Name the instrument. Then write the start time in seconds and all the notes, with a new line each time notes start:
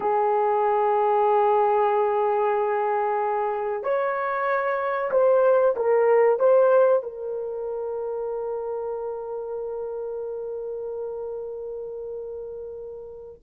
horn
0.00 G#4
3.83 C#5
5.11 C5
5.76 A#4
6.39 C5
7.02 A#4